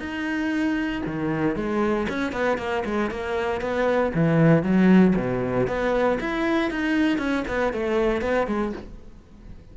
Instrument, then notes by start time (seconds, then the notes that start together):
cello
0.00 D#4
1.07 D#3
1.56 G#3
2.09 C#4
2.33 B3
2.58 A#3
2.85 G#3
3.11 A#3
3.62 B3
4.15 E3
4.63 F#3
5.16 B2
5.68 B3
6.21 E4
6.71 D#4
7.19 C#4
7.48 B3
7.73 A3
8.22 B3
8.48 G#3